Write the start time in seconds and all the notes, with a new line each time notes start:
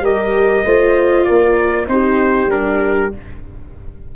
0.00 G3 G4 A#4 D#5
0.65 A3 F4 C5
1.24 A#3 A#4 D5
1.87 C4 D#4 G4 C5
2.47 G3 D4 A#4